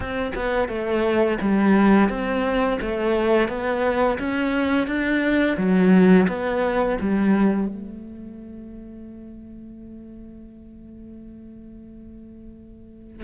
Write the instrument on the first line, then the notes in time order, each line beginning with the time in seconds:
cello
0.00 C4
0.35 B3
0.68 A3
1.41 G3
2.09 C4
2.81 A3
3.48 B3
4.19 C#4
4.87 D4
5.57 F#3
6.28 B3
7.00 G3
7.67 A3